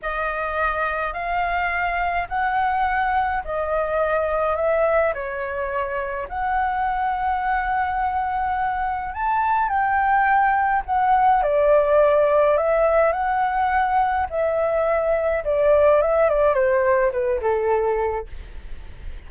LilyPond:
\new Staff \with { instrumentName = "flute" } { \time 4/4 \tempo 4 = 105 dis''2 f''2 | fis''2 dis''2 | e''4 cis''2 fis''4~ | fis''1 |
a''4 g''2 fis''4 | d''2 e''4 fis''4~ | fis''4 e''2 d''4 | e''8 d''8 c''4 b'8 a'4. | }